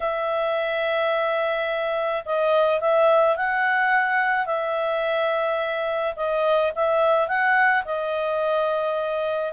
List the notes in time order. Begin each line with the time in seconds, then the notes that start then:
0.00 E5
2.25 D#5
2.80 E5
3.36 F#5
4.46 E5
6.16 D#5
6.75 E5
7.28 F#5
7.85 D#5